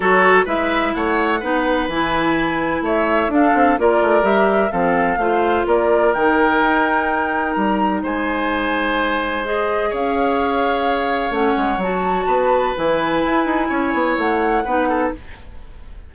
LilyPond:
<<
  \new Staff \with { instrumentName = "flute" } { \time 4/4 \tempo 4 = 127 cis''4 e''4 fis''2 | gis''2 e''4 f''4 | d''4 e''4 f''2 | d''4 g''2. |
ais''4 gis''2. | dis''4 f''2. | fis''4 a''2 gis''4~ | gis''2 fis''2 | }
  \new Staff \with { instrumentName = "oboe" } { \time 4/4 a'4 b'4 cis''4 b'4~ | b'2 cis''4 a'4 | ais'2 a'4 c''4 | ais'1~ |
ais'4 c''2.~ | c''4 cis''2.~ | cis''2 b'2~ | b'4 cis''2 b'8 a'8 | }
  \new Staff \with { instrumentName = "clarinet" } { \time 4/4 fis'4 e'2 dis'4 | e'2. d'4 | f'4 g'4 c'4 f'4~ | f'4 dis'2.~ |
dis'1 | gis'1 | cis'4 fis'2 e'4~ | e'2. dis'4 | }
  \new Staff \with { instrumentName = "bassoon" } { \time 4/4 fis4 gis4 a4 b4 | e2 a4 d'8 c'8 | ais8 a8 g4 f4 a4 | ais4 dis4 dis'2 |
g4 gis2.~ | gis4 cis'2. | a8 gis8 fis4 b4 e4 | e'8 dis'8 cis'8 b8 a4 b4 | }
>>